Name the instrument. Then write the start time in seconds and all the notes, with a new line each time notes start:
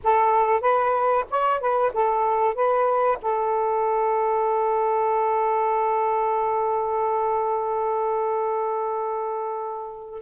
saxophone
0.03 A4
0.60 B4
1.30 C#5
1.60 B4
1.93 A4
2.54 B4
3.21 A4